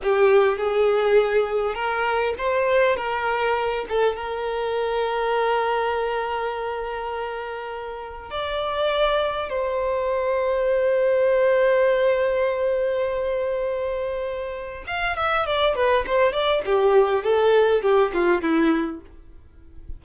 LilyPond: \new Staff \with { instrumentName = "violin" } { \time 4/4 \tempo 4 = 101 g'4 gis'2 ais'4 | c''4 ais'4. a'8 ais'4~ | ais'1~ | ais'2 d''2 |
c''1~ | c''1~ | c''4 f''8 e''8 d''8 b'8 c''8 d''8 | g'4 a'4 g'8 f'8 e'4 | }